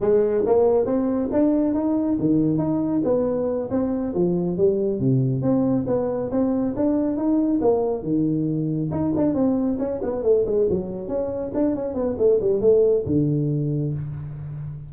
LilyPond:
\new Staff \with { instrumentName = "tuba" } { \time 4/4 \tempo 4 = 138 gis4 ais4 c'4 d'4 | dis'4 dis4 dis'4 b4~ | b8 c'4 f4 g4 c8~ | c8 c'4 b4 c'4 d'8~ |
d'8 dis'4 ais4 dis4.~ | dis8 dis'8 d'8 c'4 cis'8 b8 a8 | gis8 fis4 cis'4 d'8 cis'8 b8 | a8 g8 a4 d2 | }